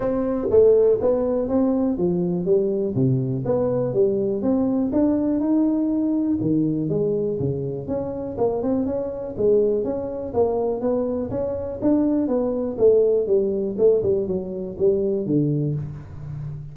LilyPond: \new Staff \with { instrumentName = "tuba" } { \time 4/4 \tempo 4 = 122 c'4 a4 b4 c'4 | f4 g4 c4 b4 | g4 c'4 d'4 dis'4~ | dis'4 dis4 gis4 cis4 |
cis'4 ais8 c'8 cis'4 gis4 | cis'4 ais4 b4 cis'4 | d'4 b4 a4 g4 | a8 g8 fis4 g4 d4 | }